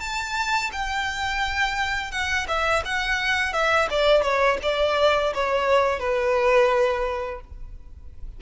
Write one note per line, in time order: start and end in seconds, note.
0.00 0.71 A5
0.72 2.11 G5
2.11 2.46 F#5
2.48 2.83 E5
2.85 3.53 F#5
3.53 3.88 E5
3.90 4.22 D5
4.22 4.58 C#5
4.63 5.33 D5
5.34 5.99 C#5
5.99 7.41 B4